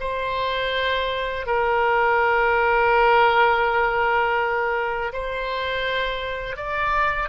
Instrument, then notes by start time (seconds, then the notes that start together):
oboe
0.00 C5
1.46 A#4
5.13 C5
6.56 D5